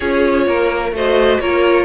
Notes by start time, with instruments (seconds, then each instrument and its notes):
0.00 cello C#4, viola F4, violin G#4 C#5
0.47 cello A#3, violin A#4
0.92 cello A3, viola F#4, violin C5 D#5
1.40 cello A#3, viola F4, violin A#4 C#5